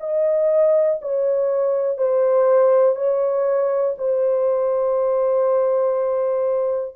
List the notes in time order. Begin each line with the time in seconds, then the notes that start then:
0.00 D#5
1.02 C#5
1.98 C5
2.96 C#5
3.98 C5